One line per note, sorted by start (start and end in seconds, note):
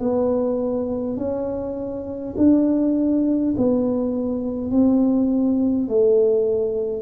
0.00 1.17 B3
1.17 2.34 C#4
2.37 3.55 D4
3.57 4.71 B3
4.71 5.89 C4
5.89 7.02 A3